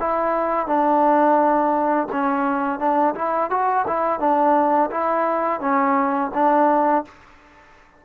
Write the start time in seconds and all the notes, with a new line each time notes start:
0.00 E4
0.67 D4
2.13 C#4
2.79 D4
3.15 E4
3.51 F#4
3.88 E4
4.20 D4
4.91 E4
5.61 C#4
6.35 D4